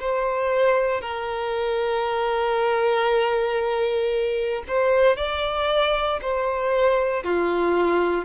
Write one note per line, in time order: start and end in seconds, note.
0.00 1.01 C5
1.01 4.63 A#4
4.67 5.16 C5
5.16 6.20 D5
6.22 7.24 C5
7.24 8.25 F4